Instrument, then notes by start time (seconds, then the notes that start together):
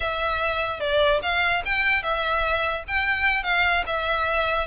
violin
0.00 E5
0.80 D5
1.22 F5
1.65 G5
2.02 E5
2.87 G5
3.43 F5
3.86 E5